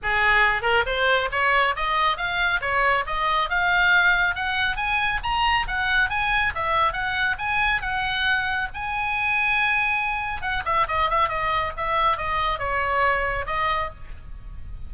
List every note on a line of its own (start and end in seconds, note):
0.02 0.62 G#4
0.62 0.83 A#4
0.86 1.29 C5
1.31 1.75 C#5
1.75 2.17 D#5
2.17 2.60 F5
2.61 3.04 C#5
3.06 3.49 D#5
3.49 4.35 F5
4.35 4.76 F#5
4.76 5.20 G#5
5.23 5.66 A#5
5.67 6.09 F#5
6.09 6.53 G#5
6.54 6.92 E5
6.92 7.36 F#5
7.38 7.81 G#5
7.81 8.68 F#5
8.74 10.41 G#5
10.41 10.63 F#5
10.65 10.87 E5
10.88 11.09 D#5
11.10 11.28 E5
11.28 11.72 D#5
11.76 12.17 E5
12.17 12.58 D#5
12.58 13.45 C#5
13.46 13.90 D#5